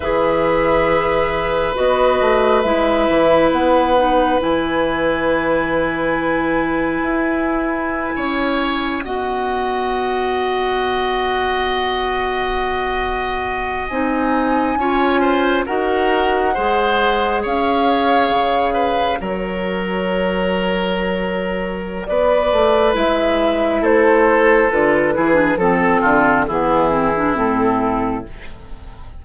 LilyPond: <<
  \new Staff \with { instrumentName = "flute" } { \time 4/4 \tempo 4 = 68 e''2 dis''4 e''4 | fis''4 gis''2.~ | gis''2~ gis''16 fis''4.~ fis''16~ | fis''2.~ fis''8. gis''16~ |
gis''4.~ gis''16 fis''2 f''16~ | f''4.~ f''16 cis''2~ cis''16~ | cis''4 d''4 e''4 c''4 | b'4 a'4 gis'4 a'4 | }
  \new Staff \with { instrumentName = "oboe" } { \time 4/4 b'1~ | b'1~ | b'4~ b'16 cis''4 dis''4.~ dis''16~ | dis''1~ |
dis''8. cis''8 c''8 ais'4 c''4 cis''16~ | cis''4~ cis''16 b'8 ais'2~ ais'16~ | ais'4 b'2 a'4~ | a'8 gis'8 a'8 f'8 e'2 | }
  \new Staff \with { instrumentName = "clarinet" } { \time 4/4 gis'2 fis'4 e'4~ | e'8 dis'8 e'2.~ | e'2~ e'16 fis'4.~ fis'16~ | fis'2.~ fis'8. dis'16~ |
dis'8. f'4 fis'4 gis'4~ gis'16~ | gis'4.~ gis'16 fis'2~ fis'16~ | fis'2 e'2 | f'8 e'16 d'16 c'4 b8 c'16 d'16 c'4 | }
  \new Staff \with { instrumentName = "bassoon" } { \time 4/4 e2 b8 a8 gis8 e8 | b4 e2. | e'4~ e'16 cis'4 b4.~ b16~ | b2.~ b8. c'16~ |
c'8. cis'4 dis'4 gis4 cis'16~ | cis'8. cis4 fis2~ fis16~ | fis4 b8 a8 gis4 a4 | d8 e8 f8 d8 e4 a,4 | }
>>